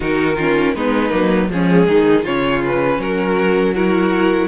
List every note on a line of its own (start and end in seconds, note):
0.00 0.74 D#3
0.00 0.38 D#4
0.00 0.36 F#4
0.00 0.74 A#4
0.36 0.75 C#4
0.36 0.73 F4
0.74 1.12 G#3
0.74 1.09 B3
0.74 1.51 D#4
0.74 1.49 B4
1.09 1.50 F#3
1.09 1.46 A#3
1.49 1.87 F3
1.49 2.24 G#3
1.49 1.88 C#4
1.49 2.25 G#4
1.88 2.25 D#3
1.88 2.23 D#4
2.23 2.98 C#3
2.23 3.75 C#4
2.23 2.98 F4
2.23 2.62 C#5
2.65 3.01 B4
2.98 4.47 F#3
2.98 3.74 F#4
2.98 3.75 A#4
3.74 4.47 E4
3.74 4.47 F#4
3.74 4.47 A#4